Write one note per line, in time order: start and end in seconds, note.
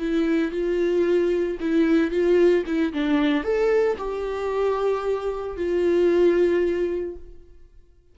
0.00 0.52 E4
0.52 1.58 F4
1.61 2.11 E4
2.11 2.65 F4
2.67 2.93 E4
2.94 3.44 D4
3.44 3.97 A4
3.98 5.57 G4
5.57 7.16 F4